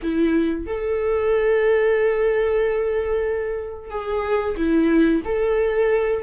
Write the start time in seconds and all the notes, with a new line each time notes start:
0.02 E4
0.66 A4
3.90 G#4
4.56 E4
5.24 A4